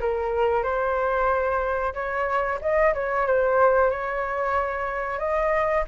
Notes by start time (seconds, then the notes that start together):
0.00 A#4
0.63 C5
1.94 C#5
2.61 D#5
2.94 C#5
3.26 C5
3.90 C#5
5.18 D#5